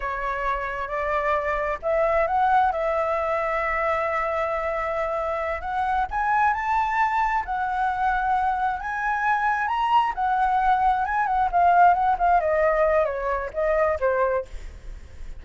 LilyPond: \new Staff \with { instrumentName = "flute" } { \time 4/4 \tempo 4 = 133 cis''2 d''2 | e''4 fis''4 e''2~ | e''1~ | e''8 fis''4 gis''4 a''4.~ |
a''8 fis''2. gis''8~ | gis''4. ais''4 fis''4.~ | fis''8 gis''8 fis''8 f''4 fis''8 f''8 dis''8~ | dis''4 cis''4 dis''4 c''4 | }